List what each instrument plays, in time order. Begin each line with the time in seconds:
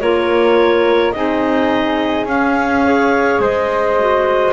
0.00 double bass A#3, clarinet F4 C#5, flute A#4
1.12 double bass C4, clarinet D#4 D#5, flute G#4
2.26 double bass C#4, clarinet C#4 F5
2.84 clarinet G#4, flute C#5
3.39 double bass G#3, flute C5, clarinet D#5
3.99 clarinet F#4